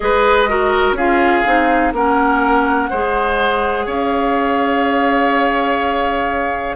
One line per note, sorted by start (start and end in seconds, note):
0.00 0.92 G#3
0.00 0.47 G#4
0.00 0.49 B4
0.00 0.94 D#5
0.48 0.96 F#4
0.48 0.96 A#4
0.92 1.40 C#4
0.92 1.44 F4
0.92 1.93 G#4
0.92 1.94 F5
1.44 1.92 C4
1.44 1.93 D#4
1.92 2.89 A#3
1.92 2.91 C#4
1.92 2.90 A#4
1.92 3.87 F#5
2.90 3.86 G#3
2.90 6.75 G#4
2.90 3.85 C5
3.85 6.75 C#4
3.85 6.75 C#5
3.85 6.75 F5